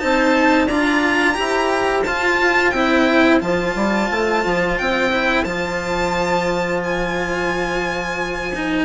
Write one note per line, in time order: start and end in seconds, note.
0.00 0.69 C4
0.00 0.68 D#4
0.00 0.67 C5
0.00 0.68 A5
0.67 1.37 D4
0.67 1.35 F4
0.67 1.35 D5
0.67 2.04 A#5
1.35 2.07 E4
1.35 2.03 G4
1.35 8.85 C5
2.04 2.73 F4
2.04 2.75 F4
2.04 2.71 A5
2.71 3.41 C4
2.71 3.41 E4
2.71 3.39 G5
3.41 3.75 F3
3.41 5.11 F4
3.41 4.78 A5
3.75 4.10 G3
4.11 4.45 A3
4.46 4.80 F3
4.78 5.46 C4
4.78 5.44 G5
5.12 5.46 E4
5.44 8.85 F3
5.44 8.53 F4
5.44 6.81 A5
6.84 8.85 G#5
8.55 8.85 D#4